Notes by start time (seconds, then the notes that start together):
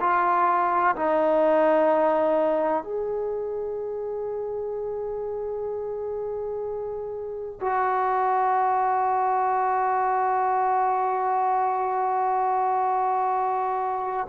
0.00 F4
0.96 D#4
2.83 G#4
7.61 F#4